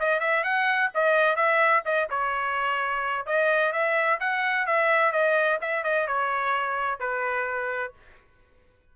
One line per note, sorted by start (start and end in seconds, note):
0.00 0.20 D#5
0.20 0.44 E5
0.44 0.91 F#5
0.95 1.36 D#5
1.36 1.83 E5
1.85 2.09 D#5
2.11 3.26 C#5
3.26 3.73 D#5
3.73 4.20 E5
4.20 4.67 F#5
4.67 5.12 E5
5.12 5.59 D#5
5.62 5.84 E5
5.84 6.07 D#5
6.07 7.00 C#5
7.00 7.94 B4